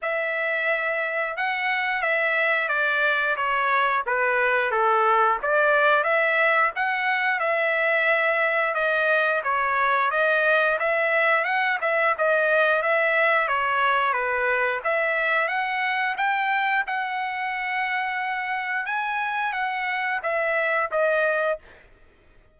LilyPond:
\new Staff \with { instrumentName = "trumpet" } { \time 4/4 \tempo 4 = 89 e''2 fis''4 e''4 | d''4 cis''4 b'4 a'4 | d''4 e''4 fis''4 e''4~ | e''4 dis''4 cis''4 dis''4 |
e''4 fis''8 e''8 dis''4 e''4 | cis''4 b'4 e''4 fis''4 | g''4 fis''2. | gis''4 fis''4 e''4 dis''4 | }